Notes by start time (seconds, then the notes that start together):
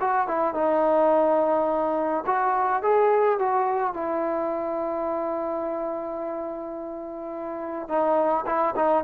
0.00 F#4
0.27 E4
0.54 D#4
2.26 F#4
2.82 G#4
3.39 F#4
3.93 E4
7.88 D#4
8.46 E4
8.75 D#4